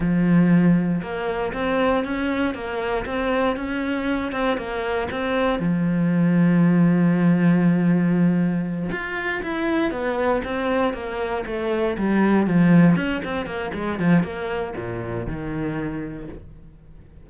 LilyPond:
\new Staff \with { instrumentName = "cello" } { \time 4/4 \tempo 4 = 118 f2 ais4 c'4 | cis'4 ais4 c'4 cis'4~ | cis'8 c'8 ais4 c'4 f4~ | f1~ |
f4. f'4 e'4 b8~ | b8 c'4 ais4 a4 g8~ | g8 f4 cis'8 c'8 ais8 gis8 f8 | ais4 ais,4 dis2 | }